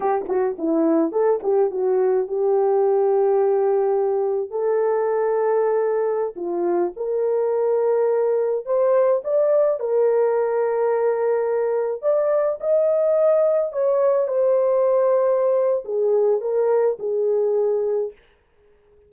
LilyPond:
\new Staff \with { instrumentName = "horn" } { \time 4/4 \tempo 4 = 106 g'8 fis'8 e'4 a'8 g'8 fis'4 | g'1 | a'2.~ a'16 f'8.~ | f'16 ais'2. c''8.~ |
c''16 d''4 ais'2~ ais'8.~ | ais'4~ ais'16 d''4 dis''4.~ dis''16~ | dis''16 cis''4 c''2~ c''8. | gis'4 ais'4 gis'2 | }